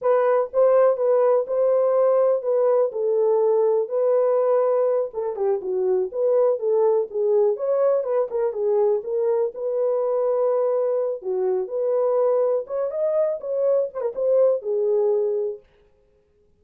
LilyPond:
\new Staff \with { instrumentName = "horn" } { \time 4/4 \tempo 4 = 123 b'4 c''4 b'4 c''4~ | c''4 b'4 a'2 | b'2~ b'8 a'8 g'8 fis'8~ | fis'8 b'4 a'4 gis'4 cis''8~ |
cis''8 b'8 ais'8 gis'4 ais'4 b'8~ | b'2. fis'4 | b'2 cis''8 dis''4 cis''8~ | cis''8 c''16 ais'16 c''4 gis'2 | }